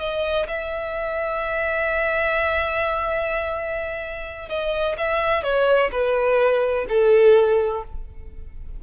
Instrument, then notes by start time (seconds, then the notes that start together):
violin
0.00 D#5
0.48 E5
4.49 D#5
4.98 E5
5.44 C#5
5.92 B4
6.89 A4